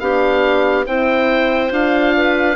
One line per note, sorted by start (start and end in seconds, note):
0.00 0.87 B3
0.00 0.87 D4
0.00 0.87 G4
0.00 0.86 F5
0.87 1.71 C4
0.87 1.70 E4
0.87 2.16 C5
0.87 1.73 G5
1.70 2.57 D4
1.70 2.56 F4
1.70 2.57 F5
2.17 2.57 B4